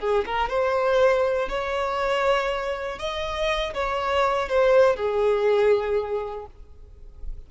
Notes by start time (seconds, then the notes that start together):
0.00 G#4
0.26 A#4
0.50 C5
1.49 C#5
2.99 D#5
3.74 C#5
4.49 C5
4.96 G#4